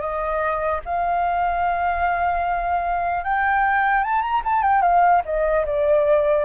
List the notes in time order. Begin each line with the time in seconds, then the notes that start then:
0.00 D#5
0.85 F5
3.24 G5
4.03 A5
4.21 A#5
4.44 A5
4.62 G5
4.81 F5
5.25 D#5
5.65 D5